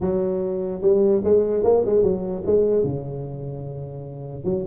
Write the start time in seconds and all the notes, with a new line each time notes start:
0.00 F#3
0.81 G3
1.24 G#3
1.63 A#3
1.85 G#3
2.03 F#3
2.45 G#3
2.83 C#3
4.44 F#3